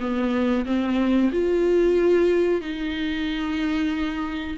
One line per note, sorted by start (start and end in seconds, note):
0.00 0.65 B3
0.65 1.30 C4
1.32 2.61 F4
2.61 4.57 D#4